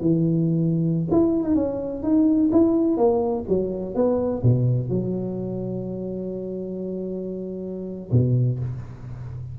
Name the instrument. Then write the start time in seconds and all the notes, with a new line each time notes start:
tuba
0.00 E3
1.11 E4
1.43 D#4
1.55 C#4
2.03 D#4
2.52 E4
2.97 A#3
3.48 F#3
3.94 B3
4.42 B2
4.89 F#3
8.11 B2